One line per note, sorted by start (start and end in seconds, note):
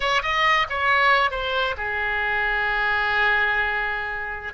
0.00 0.21 C#5
0.22 0.66 D#5
0.69 1.31 C#5
1.31 1.75 C5
1.77 4.53 G#4